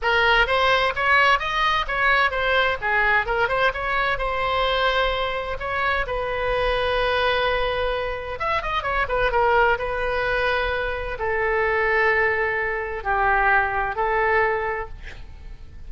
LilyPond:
\new Staff \with { instrumentName = "oboe" } { \time 4/4 \tempo 4 = 129 ais'4 c''4 cis''4 dis''4 | cis''4 c''4 gis'4 ais'8 c''8 | cis''4 c''2. | cis''4 b'2.~ |
b'2 e''8 dis''8 cis''8 b'8 | ais'4 b'2. | a'1 | g'2 a'2 | }